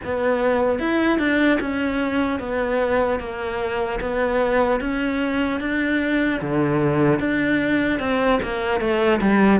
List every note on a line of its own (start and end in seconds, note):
0.04 0.79 B3
0.79 1.18 E4
1.18 1.58 D4
1.60 2.39 C#4
2.39 3.19 B3
3.19 3.99 A#3
4.00 4.80 B3
4.80 5.60 C#4
5.60 6.40 D4
6.41 7.19 D3
7.19 7.99 D4
7.99 8.39 C4
8.43 8.80 A#3
8.80 9.20 A3
9.21 9.60 G3